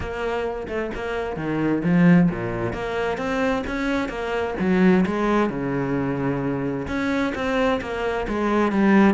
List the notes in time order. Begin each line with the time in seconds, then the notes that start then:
0.00 A#3
0.67 A3
0.94 A#3
1.36 D#3
1.83 F3
2.30 A#2
2.73 A#3
3.17 C4
3.66 C#4
4.08 A#3
4.59 F#3
5.05 G#3
5.49 C#3
6.87 C#4
7.34 C4
7.81 A#3
8.28 G#3
8.71 G3